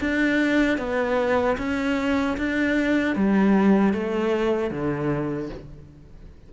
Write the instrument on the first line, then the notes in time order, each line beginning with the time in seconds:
cello
0.00 D4
0.78 B3
1.58 C#4
2.38 D4
3.16 G3
3.93 A3
4.70 D3